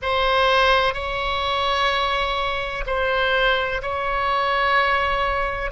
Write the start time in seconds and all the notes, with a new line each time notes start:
0.02 C5
0.94 C#5
2.86 C5
3.82 C#5